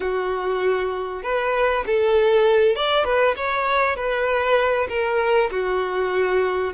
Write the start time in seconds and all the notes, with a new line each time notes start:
0.00 F#4
1.22 B4
1.86 A4
2.75 D5
3.04 B4
3.36 C#5
3.95 B4
4.88 A#4
5.50 F#4